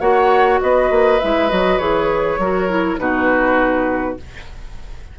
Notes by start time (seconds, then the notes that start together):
0.00 A#3 F#4 C#5 F#5
0.61 B3 B4 D#5
0.90 A#3
1.20 G#3 E4 E5
1.49 F#3 F#4 D#5
1.78 E3 G#4 C#5
2.38 F#3 F#4 A#4
2.69 E4
2.98 B2 D#4 F#4 B4